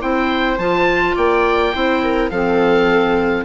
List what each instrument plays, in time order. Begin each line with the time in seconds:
0.00 bassoon C4, clarinet E4, viola C5, oboe G5
0.59 bassoon F3, clarinet F4, oboe A5
1.16 bassoon A#3, viola D5, oboe G5
1.74 bassoon C4, clarinet E4, viola C5
2.03 viola A#4
2.31 bassoon F3, clarinet C4, viola A4, oboe F5